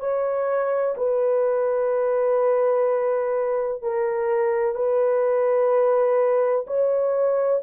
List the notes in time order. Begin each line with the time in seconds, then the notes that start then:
0.00 C#5
0.97 B4
3.82 A#4
4.75 B4
6.67 C#5